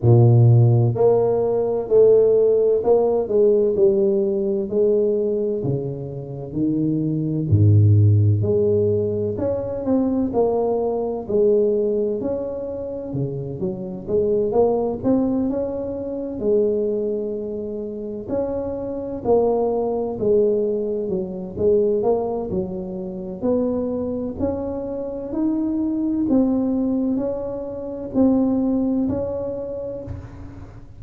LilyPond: \new Staff \with { instrumentName = "tuba" } { \time 4/4 \tempo 4 = 64 ais,4 ais4 a4 ais8 gis8 | g4 gis4 cis4 dis4 | gis,4 gis4 cis'8 c'8 ais4 | gis4 cis'4 cis8 fis8 gis8 ais8 |
c'8 cis'4 gis2 cis'8~ | cis'8 ais4 gis4 fis8 gis8 ais8 | fis4 b4 cis'4 dis'4 | c'4 cis'4 c'4 cis'4 | }